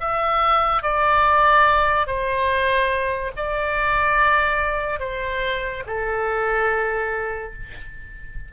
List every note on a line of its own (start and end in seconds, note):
0.00 0.82 E5
0.82 2.07 D5
2.07 3.32 C5
3.36 5.00 D5
5.00 5.83 C5
5.86 7.53 A4